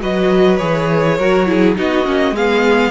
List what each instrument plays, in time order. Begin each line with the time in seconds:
0.00 cello F#3, viola F#4, violin B4 D#5
0.57 cello E3, viola G#4, violin C#5
1.18 cello F#3, viola F#4, violin A#4
1.46 viola E4, violin G#4
1.76 cello B3, viola D#4, violin F#4 D#5
2.04 cello A#3, viola C#4
2.31 cello G#3, violin G#4 F5
2.37 viola B3